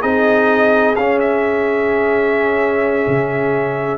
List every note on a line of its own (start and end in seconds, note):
0.00 0.96 C4
0.00 0.95 D#4
0.00 3.97 G#4
0.00 0.95 D#5
0.96 3.07 C#4
0.96 3.97 C#4
0.96 1.19 F5
1.19 3.97 E5
3.07 3.97 C#3